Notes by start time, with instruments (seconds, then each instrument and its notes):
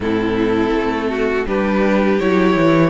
0.00 cello A2, viola C4, violin E4 A4
0.72 cello A3
1.09 violin F#4
1.46 cello G3, viola D4, violin G4 B4
2.19 cello F#3, viola E4, violin C#5
2.56 cello E3